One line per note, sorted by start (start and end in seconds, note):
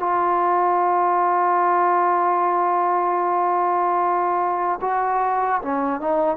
0.00 4.80 F4
4.81 5.61 F#4
5.62 6.01 C#4
6.01 6.37 D#4